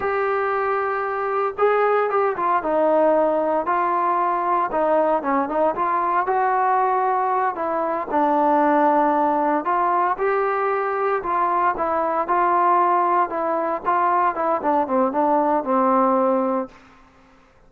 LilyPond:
\new Staff \with { instrumentName = "trombone" } { \time 4/4 \tempo 4 = 115 g'2. gis'4 | g'8 f'8 dis'2 f'4~ | f'4 dis'4 cis'8 dis'8 f'4 | fis'2~ fis'8 e'4 d'8~ |
d'2~ d'8 f'4 g'8~ | g'4. f'4 e'4 f'8~ | f'4. e'4 f'4 e'8 | d'8 c'8 d'4 c'2 | }